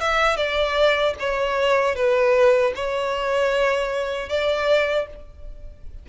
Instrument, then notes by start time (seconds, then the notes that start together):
violin
0.00 E5
0.36 D5
1.19 C#5
1.95 B4
2.75 C#5
4.29 D5